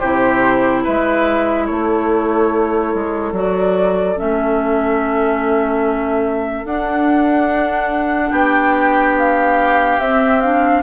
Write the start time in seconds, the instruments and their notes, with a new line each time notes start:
0.00 bassoon C3, clarinet E4, oboe G4, flute C5
0.84 bassoon G#3, oboe B4, flute E5
1.66 bassoon A3, oboe A4, flute C#5
2.95 bassoon G#3
3.32 bassoon F#3, clarinet F#4, flute D5
4.16 bassoon A3, clarinet C#4, flute E5
6.65 bassoon D4, clarinet D4, flute F#5
8.31 bassoon B3, oboe G4, flute G5
9.18 flute F5
9.99 bassoon C4, clarinet C4, flute E5
10.41 clarinet D4, flute F5